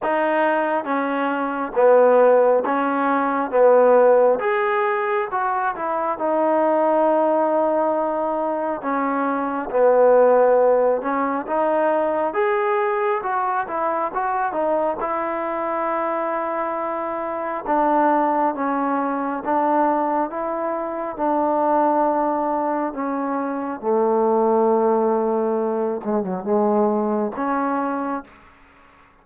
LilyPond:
\new Staff \with { instrumentName = "trombone" } { \time 4/4 \tempo 4 = 68 dis'4 cis'4 b4 cis'4 | b4 gis'4 fis'8 e'8 dis'4~ | dis'2 cis'4 b4~ | b8 cis'8 dis'4 gis'4 fis'8 e'8 |
fis'8 dis'8 e'2. | d'4 cis'4 d'4 e'4 | d'2 cis'4 a4~ | a4. gis16 fis16 gis4 cis'4 | }